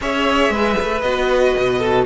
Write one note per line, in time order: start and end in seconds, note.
0.01 0.49 C#4
0.01 1.04 G#4
0.01 0.52 C#5
0.01 1.01 E5
0.49 0.75 G#3
0.49 1.79 B4
0.81 1.02 A3
1.01 1.54 B3
1.01 2.05 F#4
1.01 2.04 D#5
1.57 2.05 B2
1.79 2.04 A4